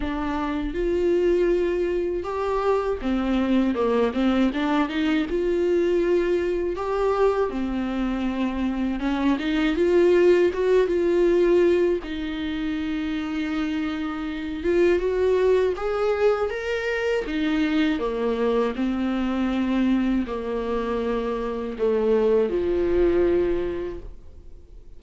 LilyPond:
\new Staff \with { instrumentName = "viola" } { \time 4/4 \tempo 4 = 80 d'4 f'2 g'4 | c'4 ais8 c'8 d'8 dis'8 f'4~ | f'4 g'4 c'2 | cis'8 dis'8 f'4 fis'8 f'4. |
dis'2.~ dis'8 f'8 | fis'4 gis'4 ais'4 dis'4 | ais4 c'2 ais4~ | ais4 a4 f2 | }